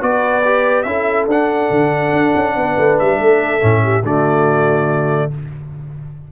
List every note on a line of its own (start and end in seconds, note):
0.00 0.85 B3
0.00 0.42 F#4
0.00 0.86 B4
0.00 0.82 D5
0.44 0.86 G4
0.82 1.27 C#4
0.82 1.28 E4
0.82 2.56 A4
0.82 1.25 E5
1.27 1.69 D4
1.27 3.60 D4
1.27 2.98 F#5
1.70 2.12 D3
2.12 2.33 D4
2.35 2.55 C#4
2.55 2.76 B3
2.55 3.19 B4
2.78 2.99 A3
2.98 3.19 G3
2.98 4.04 E5
3.19 3.61 A3
3.19 3.83 A4
3.60 4.02 A2
3.60 4.02 C#4
3.83 4.03 G4
4.02 5.29 D3
4.02 5.31 A3
4.02 5.29 F#4
4.02 5.32 D5